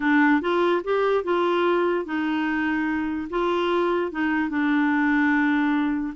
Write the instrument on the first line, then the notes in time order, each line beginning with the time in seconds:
clarinet
0.00 D4
0.41 F4
0.84 G4
1.23 F4
2.05 D#4
3.30 F4
4.11 D#4
4.49 D4